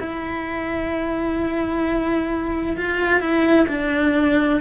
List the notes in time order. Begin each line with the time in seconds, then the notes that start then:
0.00 E4
2.77 F4
3.20 E4
3.69 D4